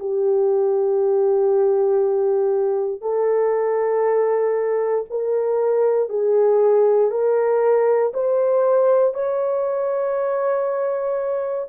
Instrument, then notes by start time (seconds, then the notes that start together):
horn
0.00 G4
3.02 A4
5.10 A#4
6.10 G#4
7.11 A#4
8.14 C5
9.14 C#5